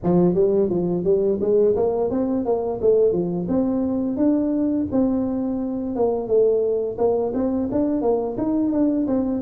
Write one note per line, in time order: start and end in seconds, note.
0.03 0.34 F3
0.34 0.69 G3
0.69 1.04 F3
1.04 1.39 G3
1.40 1.75 G#3
1.76 2.10 A#3
2.10 2.45 C4
2.45 2.80 A#3
2.81 3.12 A3
3.12 3.47 F3
3.48 4.16 C4
4.16 4.86 D4
4.91 5.95 C4
5.95 6.27 A#3
6.27 6.97 A3
6.98 7.33 A#3
7.34 7.69 C4
7.71 8.01 D4
8.01 8.36 A#3
8.37 8.71 D#4
8.71 9.06 D4
9.07 9.42 C4